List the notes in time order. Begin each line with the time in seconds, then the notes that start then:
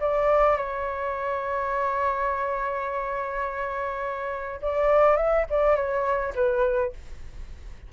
0.00 D5
0.57 C#5
4.61 D5
5.16 E5
5.49 D5
5.75 C#5
6.35 B4